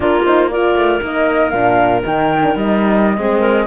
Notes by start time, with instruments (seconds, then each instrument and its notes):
0.00 cello A#3, horn D4, clarinet F4, flute A#4
0.24 horn D#4, flute C5
0.50 horn F4, clarinet A#4, flute D5
0.75 cello A3
1.01 cello A#3, horn D#4, flute D#5
1.49 cello A#2, horn D4, flute F5
2.02 cello D#3, horn D#4, flute G5
2.42 horn D4
2.53 cello G3, horn D#4, flute D#5
3.17 cello G#3, horn C4, clarinet G#4
3.39 clarinet A#4